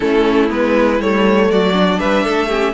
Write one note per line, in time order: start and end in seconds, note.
0.00 0.50 A3
0.00 0.48 C#4
0.00 1.48 E4
0.00 0.49 A4
0.48 0.99 G#3
0.48 0.98 B3
0.48 1.01 B4
0.99 1.49 G3
0.99 1.73 A3
0.99 1.50 C#5
1.50 2.00 F#3
1.50 1.99 F#4
1.50 1.99 D5
1.73 2.48 D4
1.99 2.26 G3
1.99 2.23 B4
1.99 2.73 E5
2.23 2.73 A3
2.23 2.48 A4
2.48 2.73 C#4
2.48 2.73 G4